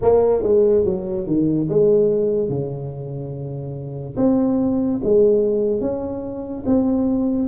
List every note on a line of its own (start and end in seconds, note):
0.02 0.42 A#3
0.42 0.84 G#3
0.84 1.26 F#3
1.27 1.68 D#3
1.69 2.49 G#3
2.49 4.16 C#3
4.17 5.00 C4
5.03 5.80 G#3
5.80 6.64 C#4
6.66 7.48 C4